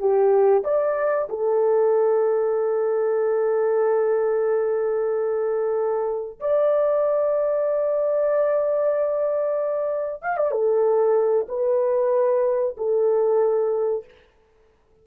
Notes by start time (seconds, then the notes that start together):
0.00 G4
0.64 D5
1.30 A4
6.41 D5
10.23 F5
10.38 D5
10.51 A4
11.49 B4
12.78 A4